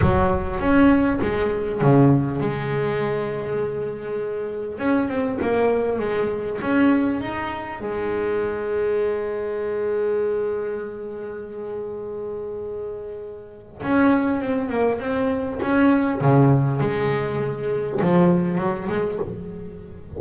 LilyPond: \new Staff \with { instrumentName = "double bass" } { \time 4/4 \tempo 4 = 100 fis4 cis'4 gis4 cis4 | gis1 | cis'8 c'8 ais4 gis4 cis'4 | dis'4 gis2.~ |
gis1~ | gis2. cis'4 | c'8 ais8 c'4 cis'4 cis4 | gis2 f4 fis8 gis8 | }